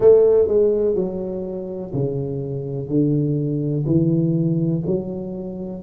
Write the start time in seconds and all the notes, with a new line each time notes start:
0.00 A3
0.48 G#3
0.95 F#3
1.93 C#3
2.88 D3
3.86 E3
4.86 F#3